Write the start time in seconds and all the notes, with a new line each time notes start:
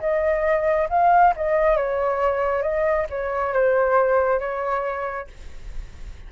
0.00 D#5
0.90 F5
1.36 D#5
1.76 C#5
2.62 D#5
3.10 C#5
3.53 C5
4.39 C#5